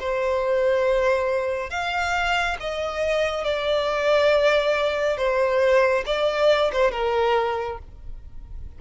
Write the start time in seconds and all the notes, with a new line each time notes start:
0.00 C5
1.70 F5
2.60 D#5
3.45 D5
5.18 C5
6.06 D5
6.73 C5
6.92 A#4